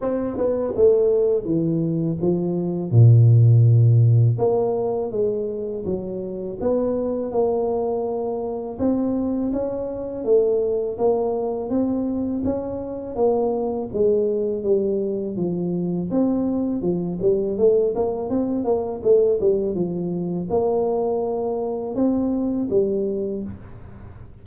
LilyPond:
\new Staff \with { instrumentName = "tuba" } { \time 4/4 \tempo 4 = 82 c'8 b8 a4 e4 f4 | ais,2 ais4 gis4 | fis4 b4 ais2 | c'4 cis'4 a4 ais4 |
c'4 cis'4 ais4 gis4 | g4 f4 c'4 f8 g8 | a8 ais8 c'8 ais8 a8 g8 f4 | ais2 c'4 g4 | }